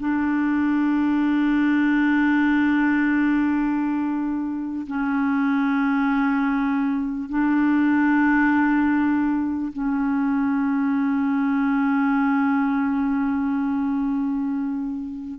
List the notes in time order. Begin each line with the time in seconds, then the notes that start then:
0.00 D4
4.87 C#4
7.29 D4
9.73 C#4